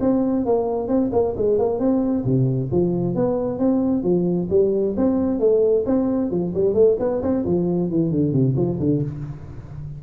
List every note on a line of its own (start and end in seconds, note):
0.00 0.45 C4
0.45 0.88 A#3
0.88 1.10 C4
1.12 1.35 A#3
1.37 1.58 G#3
1.58 1.79 A#3
1.79 2.24 C4
2.25 2.70 C3
2.71 3.15 F3
3.15 3.58 B3
3.58 4.03 C4
4.03 4.48 F3
4.50 4.95 G3
4.97 5.40 C4
5.40 5.85 A3
5.86 6.31 C4
6.31 6.53 F3
6.54 6.74 G3
6.74 6.96 A3
6.99 7.21 B3
7.22 7.44 C4
7.45 7.90 F3
7.90 8.11 E3
8.11 8.32 D3
8.32 8.54 C3
8.56 8.79 F3
8.79 9.02 D3